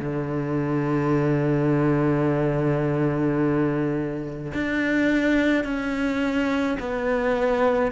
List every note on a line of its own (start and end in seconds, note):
0.00 4.53 D3
4.54 5.64 D4
5.64 6.77 C#4
6.80 7.92 B3